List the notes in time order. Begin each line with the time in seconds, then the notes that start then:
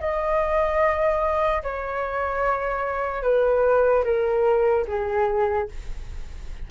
0.00 D#5
1.63 C#5
3.22 B4
4.04 A#4
4.87 G#4